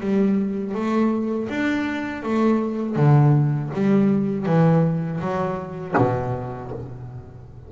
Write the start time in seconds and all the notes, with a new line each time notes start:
0.00 G3
0.74 A3
1.48 D4
2.22 A3
2.96 D3
3.74 G3
4.45 E3
5.20 F#3
5.97 B2